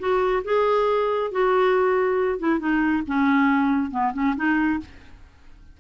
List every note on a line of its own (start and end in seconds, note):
0.00 0.43 F#4
0.45 1.32 G#4
1.32 2.40 F#4
2.40 2.60 E4
2.60 3.04 D#4
3.08 3.92 C#4
3.92 4.13 B3
4.14 4.36 C#4
4.37 4.80 D#4